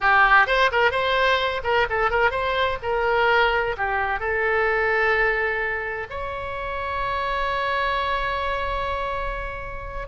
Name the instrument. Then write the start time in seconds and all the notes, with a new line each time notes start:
oboe
0.00 G4
0.46 C5
0.71 A#4
0.91 C5
1.63 A#4
1.89 A4
2.10 A#4
2.31 C5
2.82 A#4
3.77 G4
4.19 A4
6.10 C#5